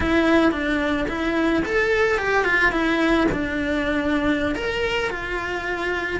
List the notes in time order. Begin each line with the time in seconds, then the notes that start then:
0.00 E4
0.51 D4
1.08 E4
1.65 A4
2.18 G4
2.44 F4
2.72 E4
3.31 D4
4.55 A#4
5.10 F4